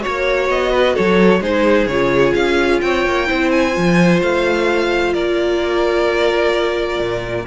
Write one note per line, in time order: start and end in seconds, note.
0.00 1.40 F#4
0.00 0.49 C#5
0.00 0.71 C#5
0.07 0.48 A#3
0.48 0.95 B3
0.48 0.95 D#5
0.71 0.93 B4
0.93 1.40 F#3
0.93 1.40 A4
0.93 1.42 C#5
1.40 1.86 G#3
1.40 1.88 D#4
1.40 2.81 G#4
1.40 1.87 C5
1.87 2.33 C#3
1.87 3.27 F4
1.87 2.33 C#5
2.34 2.81 C#4
2.34 2.80 F5
2.81 3.05 C4
2.81 3.28 C#5
2.81 3.50 G5
3.05 3.29 A#3
3.27 3.76 C4
3.27 3.72 E4
3.27 5.13 C5
3.50 4.20 G#5
3.72 4.22 F3
3.72 7.44 F4
4.22 5.14 A3
4.22 5.13 F5
5.13 6.99 A#3
5.13 7.46 A#4
5.13 7.46 D5
6.99 7.46 A#2